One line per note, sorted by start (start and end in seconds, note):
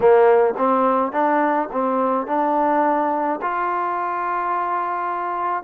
0.00 0.54 A#3
0.57 1.12 C4
1.12 1.68 D4
1.71 2.26 C4
2.26 3.40 D4
3.41 5.63 F4